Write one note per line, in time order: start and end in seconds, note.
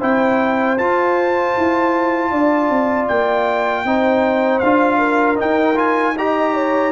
0.00 0.79 C4
0.00 0.78 E4
0.00 2.31 C5
0.00 0.78 G5
0.78 3.86 F4
0.78 1.56 F4
0.78 3.08 A5
1.58 2.32 E4
2.31 2.70 D4
2.31 3.85 D5
2.70 3.08 C4
3.08 3.85 A#3
3.08 4.60 G5
3.85 4.62 C4
3.85 4.63 D#4
3.85 4.99 C5
4.60 5.41 D4
4.60 5.36 F4
4.60 5.37 F5
4.99 6.14 A#4
5.36 5.75 D#4
5.36 6.92 D#4
5.36 5.79 G5
5.76 6.14 F4
5.76 6.17 G#5
6.18 6.92 G4
6.18 6.55 D#5
6.18 6.92 A#5
6.55 6.92 C#5